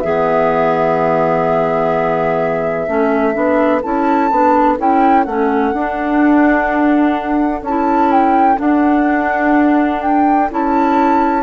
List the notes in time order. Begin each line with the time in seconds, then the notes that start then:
0.00 E3 B3 G#4 E5
2.88 A3 C#4 A4
3.33 B3 D4
3.82 C#4 E4 A5
4.31 B3 D4
4.78 C#4 E4 G5
5.24 A3 C#4 F#5
5.73 D4
7.62 C#4 A5
7.68 E4
8.12 G5
8.56 D4 F#5
10.02 G5
10.51 C#4 E4 A5